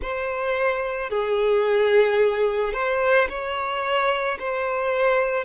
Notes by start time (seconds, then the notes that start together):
0.01 C5
1.10 G#4
2.73 C5
3.29 C#5
4.39 C5